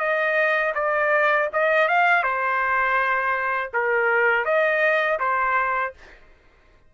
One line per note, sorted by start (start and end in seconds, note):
0.00 0.74 D#5
0.75 1.49 D5
1.54 1.89 D#5
1.89 2.24 F5
2.24 3.72 C5
3.74 4.45 A#4
4.45 5.20 D#5
5.20 5.94 C5